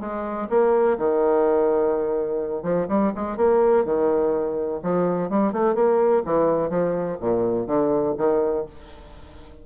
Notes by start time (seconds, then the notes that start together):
0.00 G#3
0.49 A#3
0.98 D#3
2.62 F3
2.88 G3
3.15 G#3
3.37 A#3
3.85 D#3
4.83 F3
5.30 G3
5.52 A3
5.74 A#3
6.25 E3
6.70 F3
7.20 A#2
7.66 D3
8.17 D#3